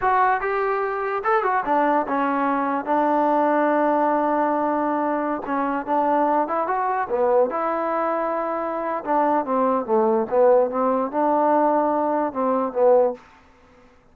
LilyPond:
\new Staff \with { instrumentName = "trombone" } { \time 4/4 \tempo 4 = 146 fis'4 g'2 a'8 fis'8 | d'4 cis'2 d'4~ | d'1~ | d'4~ d'16 cis'4 d'4. e'16~ |
e'16 fis'4 b4 e'4.~ e'16~ | e'2 d'4 c'4 | a4 b4 c'4 d'4~ | d'2 c'4 b4 | }